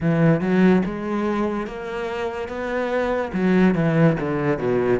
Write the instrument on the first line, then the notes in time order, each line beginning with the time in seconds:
cello
0.00 E3
0.41 F#3
0.85 G#3
1.66 A#3
2.48 B3
3.33 F#3
3.74 E3
4.19 D3
4.58 B2